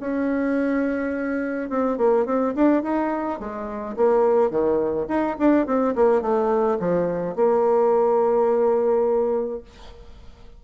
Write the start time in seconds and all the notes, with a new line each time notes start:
0.00 C#4
1.69 C4
1.97 A#3
2.25 C4
2.55 D4
2.83 D#4
3.39 G#3
3.96 A#3
4.50 D#3
5.08 D#4
5.39 D4
5.66 C4
5.95 A#3
6.21 A3
6.80 F3
7.35 A#3